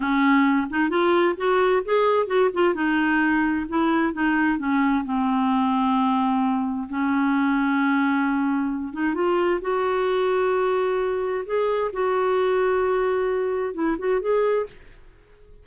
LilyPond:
\new Staff \with { instrumentName = "clarinet" } { \time 4/4 \tempo 4 = 131 cis'4. dis'8 f'4 fis'4 | gis'4 fis'8 f'8 dis'2 | e'4 dis'4 cis'4 c'4~ | c'2. cis'4~ |
cis'2.~ cis'8 dis'8 | f'4 fis'2.~ | fis'4 gis'4 fis'2~ | fis'2 e'8 fis'8 gis'4 | }